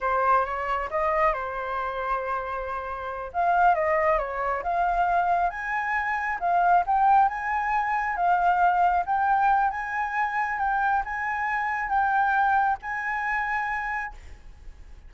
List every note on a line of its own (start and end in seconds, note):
0.01 0.45 C5
0.45 0.89 C#5
0.90 1.33 D#5
1.33 3.31 C5
3.33 3.75 F5
3.75 4.18 D#5
4.18 4.62 C#5
4.63 5.50 F5
5.50 6.38 G#5
6.40 6.84 F5
6.86 7.28 G5
7.28 8.16 G#5
8.16 9.04 F5
9.06 9.70 G5
9.70 10.59 G#5
10.59 11.03 G5
11.04 11.89 G#5
11.89 12.77 G5
12.81 14.14 G#5